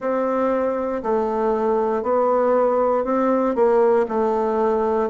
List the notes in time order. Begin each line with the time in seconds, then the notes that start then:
0.00 C4
1.03 A3
2.02 B3
3.04 C4
3.55 A#3
4.08 A3